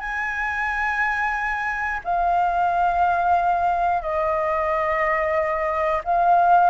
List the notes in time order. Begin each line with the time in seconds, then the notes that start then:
0.00 G#5
2.04 F5
4.02 D#5
6.04 F5